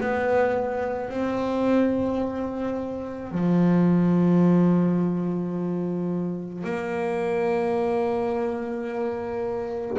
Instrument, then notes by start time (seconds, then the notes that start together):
double bass
0.00 B3
1.10 C4
3.31 F3
6.64 A#3